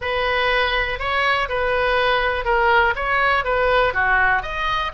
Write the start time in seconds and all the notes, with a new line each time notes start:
0.01 B4
0.99 C#5
1.48 B4
2.45 A#4
2.95 C#5
3.44 B4
3.93 F#4
4.42 D#5